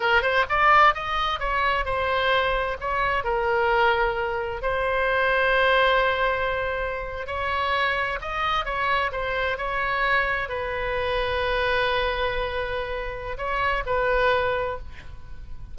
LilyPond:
\new Staff \with { instrumentName = "oboe" } { \time 4/4 \tempo 4 = 130 ais'8 c''8 d''4 dis''4 cis''4 | c''2 cis''4 ais'4~ | ais'2 c''2~ | c''2.~ c''8. cis''16~ |
cis''4.~ cis''16 dis''4 cis''4 c''16~ | c''8. cis''2 b'4~ b'16~ | b'1~ | b'4 cis''4 b'2 | }